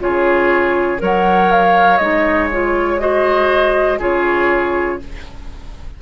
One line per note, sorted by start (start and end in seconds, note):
0.00 1.01 C#3
0.00 0.98 F4
0.00 1.02 G#4
0.00 1.01 C#5
0.98 2.00 F#3
0.98 1.98 A#4
0.98 3.01 C#5
1.04 1.52 F#5
1.52 1.98 F5
1.98 4.00 G#3
1.98 2.51 D#4
1.98 2.48 D#5
2.52 2.99 F4
2.52 3.00 C#5
2.99 3.99 F#4
2.99 3.99 C5
2.99 4.00 D#5
3.99 5.00 C#3
3.99 5.00 F4
3.99 4.99 G#4
3.99 5.02 C#5